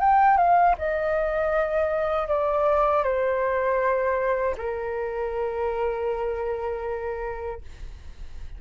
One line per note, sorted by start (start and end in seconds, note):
0.00 0.37 G5
0.37 0.75 F5
0.78 2.28 D#5
2.28 3.03 D5
3.03 4.55 C5
4.57 7.61 A#4